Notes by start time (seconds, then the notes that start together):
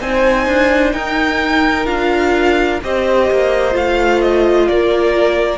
0.00 C4 D#4 C5 G#5
0.47 D4
0.92 D#4 A#4 G5
1.86 D4 F4 F5
2.82 C4 G4 C5 D#5
3.30 A#3
3.71 A3 F4 F5
4.21 D#5
4.68 A#3 A#4 D5